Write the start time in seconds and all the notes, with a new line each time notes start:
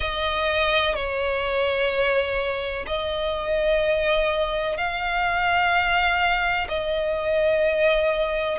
0.00 D#5
0.95 C#5
2.87 D#5
4.77 F5
6.68 D#5